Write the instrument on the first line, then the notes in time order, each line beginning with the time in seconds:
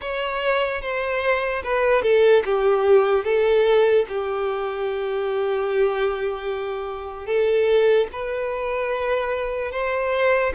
violin
0.01 C#5
0.81 C5
1.63 B4
2.02 A4
2.44 G4
3.24 A4
4.08 G4
7.26 A4
8.12 B4
9.71 C5